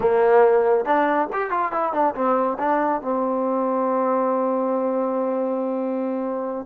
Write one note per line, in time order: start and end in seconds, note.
0.00 0.85 A#3
0.85 1.28 D4
1.33 1.50 G4
1.50 1.71 F4
1.72 1.92 E4
1.92 2.14 D4
2.14 2.57 C4
2.58 3.01 D4
3.01 6.65 C4